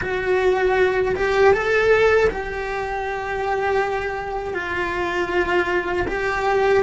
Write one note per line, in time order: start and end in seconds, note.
0.01 1.15 F#4
1.15 1.53 G4
1.53 2.29 A4
2.30 4.54 G4
4.54 6.06 F4
6.07 6.83 G4